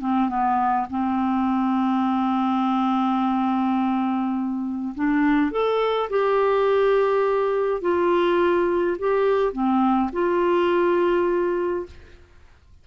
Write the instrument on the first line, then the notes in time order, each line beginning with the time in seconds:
clarinet
0.00 C4
0.29 B3
0.90 C4
4.95 D4
5.51 A4
6.09 G4
7.81 F4
8.98 G4
9.52 C4
10.12 F4